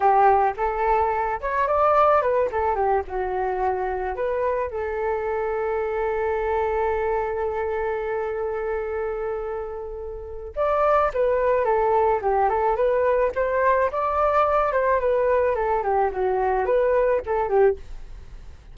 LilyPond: \new Staff \with { instrumentName = "flute" } { \time 4/4 \tempo 4 = 108 g'4 a'4. cis''8 d''4 | b'8 a'8 g'8 fis'2 b'8~ | b'8 a'2.~ a'8~ | a'1~ |
a'2. d''4 | b'4 a'4 g'8 a'8 b'4 | c''4 d''4. c''8 b'4 | a'8 g'8 fis'4 b'4 a'8 g'8 | }